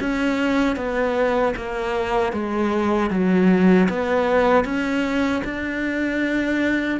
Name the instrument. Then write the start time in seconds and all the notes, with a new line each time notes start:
cello
0.00 C#4
0.76 B3
1.56 A#3
2.32 G#3
3.10 F#3
3.89 B3
4.64 C#4
5.44 D4